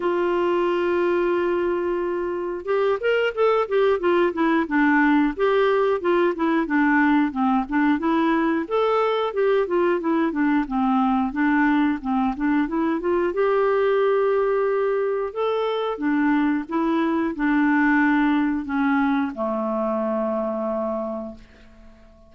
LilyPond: \new Staff \with { instrumentName = "clarinet" } { \time 4/4 \tempo 4 = 90 f'1 | g'8 ais'8 a'8 g'8 f'8 e'8 d'4 | g'4 f'8 e'8 d'4 c'8 d'8 | e'4 a'4 g'8 f'8 e'8 d'8 |
c'4 d'4 c'8 d'8 e'8 f'8 | g'2. a'4 | d'4 e'4 d'2 | cis'4 a2. | }